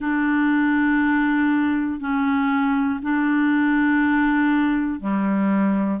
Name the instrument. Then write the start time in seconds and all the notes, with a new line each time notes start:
clarinet
0.00 D4
2.00 C#4
3.02 D4
5.00 G3